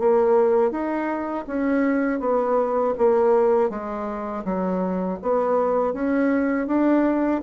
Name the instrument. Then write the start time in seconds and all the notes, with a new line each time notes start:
bassoon
0.00 A#3
0.71 D#4
1.47 C#4
2.21 B3
2.98 A#3
3.70 G#3
4.45 F#3
5.23 B3
5.94 C#4
6.68 D4